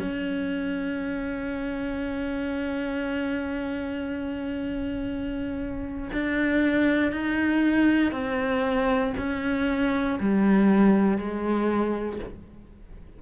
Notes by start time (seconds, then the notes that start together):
0.00 C#4
6.13 D4
7.12 D#4
8.12 C4
9.18 C#4
10.20 G3
11.18 G#3